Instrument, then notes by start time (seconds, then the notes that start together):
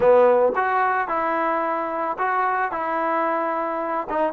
trombone
0.00 B3
0.55 F#4
1.08 E4
2.18 F#4
2.71 E4
4.09 D#4